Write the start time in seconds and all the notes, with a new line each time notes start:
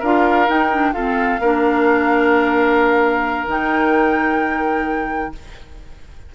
0.00 D4 F4 A#4 F5
0.48 D#4 G5
0.72 D4
0.93 C4 F4 A4 F5
1.40 A#3 D4 A#4
3.47 D#3 D#4 G5